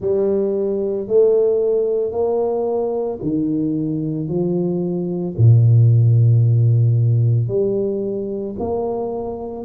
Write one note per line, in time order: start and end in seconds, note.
0.00 1.07 G3
1.07 2.11 A3
2.11 3.19 A#3
3.21 4.28 D#3
4.28 5.35 F3
5.37 7.48 A#2
7.48 8.55 G3
8.59 9.65 A#3